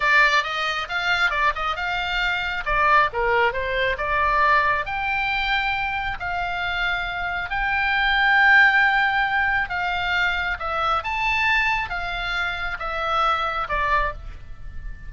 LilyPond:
\new Staff \with { instrumentName = "oboe" } { \time 4/4 \tempo 4 = 136 d''4 dis''4 f''4 d''8 dis''8 | f''2 d''4 ais'4 | c''4 d''2 g''4~ | g''2 f''2~ |
f''4 g''2.~ | g''2 f''2 | e''4 a''2 f''4~ | f''4 e''2 d''4 | }